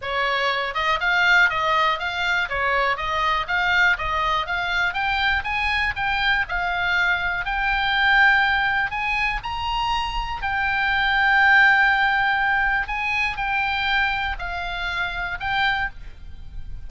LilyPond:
\new Staff \with { instrumentName = "oboe" } { \time 4/4 \tempo 4 = 121 cis''4. dis''8 f''4 dis''4 | f''4 cis''4 dis''4 f''4 | dis''4 f''4 g''4 gis''4 | g''4 f''2 g''4~ |
g''2 gis''4 ais''4~ | ais''4 g''2.~ | g''2 gis''4 g''4~ | g''4 f''2 g''4 | }